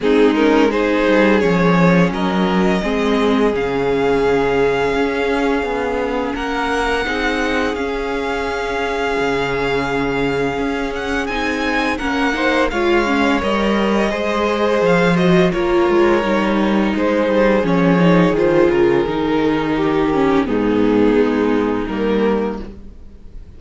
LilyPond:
<<
  \new Staff \with { instrumentName = "violin" } { \time 4/4 \tempo 4 = 85 gis'8 ais'8 c''4 cis''4 dis''4~ | dis''4 f''2.~ | f''4 fis''2 f''4~ | f''2.~ f''8 fis''8 |
gis''4 fis''4 f''4 dis''4~ | dis''4 f''8 dis''8 cis''2 | c''4 cis''4 c''8 ais'4.~ | ais'4 gis'2 ais'4 | }
  \new Staff \with { instrumentName = "violin" } { \time 4/4 dis'4 gis'2 ais'4 | gis'1~ | gis'4 ais'4 gis'2~ | gis'1~ |
gis'4 ais'8 c''8 cis''2 | c''2 ais'2 | gis'1 | g'4 dis'2. | }
  \new Staff \with { instrumentName = "viola" } { \time 4/4 c'8 cis'8 dis'4 cis'2 | c'4 cis'2.~ | cis'2 dis'4 cis'4~ | cis'1 |
dis'4 cis'8 dis'8 f'8 cis'8 ais'4 | gis'4. fis'8 f'4 dis'4~ | dis'4 cis'8 dis'8 f'4 dis'4~ | dis'8 cis'8 b2 ais4 | }
  \new Staff \with { instrumentName = "cello" } { \time 4/4 gis4. g8 f4 fis4 | gis4 cis2 cis'4 | b4 ais4 c'4 cis'4~ | cis'4 cis2 cis'4 |
c'4 ais4 gis4 g4 | gis4 f4 ais8 gis8 g4 | gis8 g8 f4 dis8 cis8 dis4~ | dis4 gis,4 gis4 g4 | }
>>